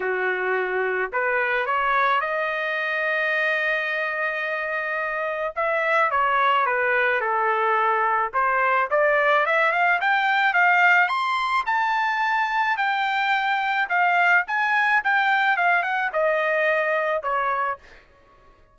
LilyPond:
\new Staff \with { instrumentName = "trumpet" } { \time 4/4 \tempo 4 = 108 fis'2 b'4 cis''4 | dis''1~ | dis''2 e''4 cis''4 | b'4 a'2 c''4 |
d''4 e''8 f''8 g''4 f''4 | c'''4 a''2 g''4~ | g''4 f''4 gis''4 g''4 | f''8 fis''8 dis''2 cis''4 | }